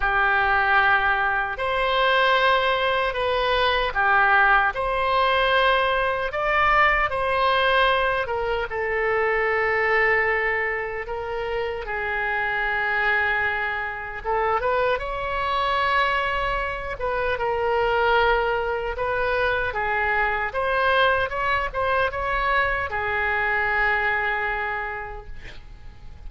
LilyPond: \new Staff \with { instrumentName = "oboe" } { \time 4/4 \tempo 4 = 76 g'2 c''2 | b'4 g'4 c''2 | d''4 c''4. ais'8 a'4~ | a'2 ais'4 gis'4~ |
gis'2 a'8 b'8 cis''4~ | cis''4. b'8 ais'2 | b'4 gis'4 c''4 cis''8 c''8 | cis''4 gis'2. | }